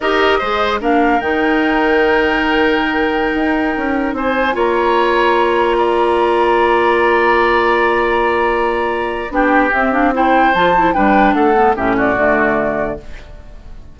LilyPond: <<
  \new Staff \with { instrumentName = "flute" } { \time 4/4 \tempo 4 = 148 dis''2 f''4 g''4~ | g''1~ | g''2~ g''16 gis''4 ais''8.~ | ais''1~ |
ais''1~ | ais''2. g''4 | e''8 f''8 g''4 a''4 g''4 | fis''4 e''8 d''2~ d''8 | }
  \new Staff \with { instrumentName = "oboe" } { \time 4/4 ais'4 c''4 ais'2~ | ais'1~ | ais'2~ ais'16 c''4 cis''8.~ | cis''2~ cis''16 d''4.~ d''16~ |
d''1~ | d''2. g'4~ | g'4 c''2 b'4 | a'4 g'8 fis'2~ fis'8 | }
  \new Staff \with { instrumentName = "clarinet" } { \time 4/4 g'4 gis'4 d'4 dis'4~ | dis'1~ | dis'2.~ dis'16 f'8.~ | f'1~ |
f'1~ | f'2. d'4 | c'8 d'8 e'4 f'8 e'8 d'4~ | d'8 b8 cis'4 a2 | }
  \new Staff \with { instrumentName = "bassoon" } { \time 4/4 dis'4 gis4 ais4 dis4~ | dis1~ | dis16 dis'4 cis'4 c'4 ais8.~ | ais1~ |
ais1~ | ais2. b4 | c'2 f4 g4 | a4 a,4 d2 | }
>>